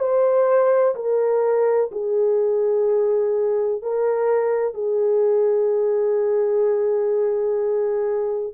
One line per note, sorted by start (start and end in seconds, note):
0.00 0.95 C5
0.95 1.90 A#4
1.92 3.82 G#4
3.82 4.74 A#4
4.74 8.54 G#4